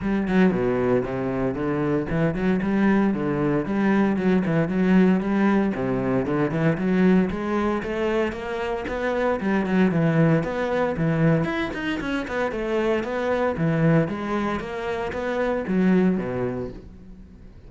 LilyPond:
\new Staff \with { instrumentName = "cello" } { \time 4/4 \tempo 4 = 115 g8 fis8 b,4 c4 d4 | e8 fis8 g4 d4 g4 | fis8 e8 fis4 g4 c4 | d8 e8 fis4 gis4 a4 |
ais4 b4 g8 fis8 e4 | b4 e4 e'8 dis'8 cis'8 b8 | a4 b4 e4 gis4 | ais4 b4 fis4 b,4 | }